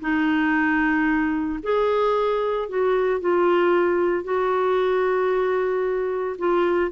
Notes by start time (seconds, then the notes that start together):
0.00 D#4
1.62 G#4
2.68 F#4
3.20 F4
4.24 F#4
6.38 F4